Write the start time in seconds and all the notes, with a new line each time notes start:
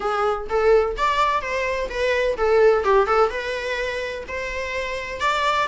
0.00 G#4
0.49 A4
0.96 D5
1.41 C5
1.89 B4
2.37 A4
2.83 G4
3.06 A4
3.29 B4
4.28 C5
5.20 D5